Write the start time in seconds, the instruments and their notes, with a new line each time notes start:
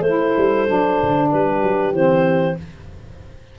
0.00 tuba A3, saxophone E4, horn A4, clarinet C5
0.36 tuba G3
0.66 tuba F#3, saxophone D4
1.02 tuba D3
1.30 tuba G3, horn G4, clarinet B4
1.62 tuba F#3
1.92 tuba E3, saxophone C4, clarinet C5